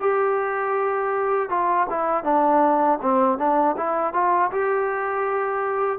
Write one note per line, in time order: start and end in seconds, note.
0.00 1.49 G4
1.49 1.86 F4
1.89 2.24 E4
2.24 2.99 D4
3.01 3.38 C4
3.38 3.75 D4
3.76 4.13 E4
4.13 4.50 F4
4.51 5.99 G4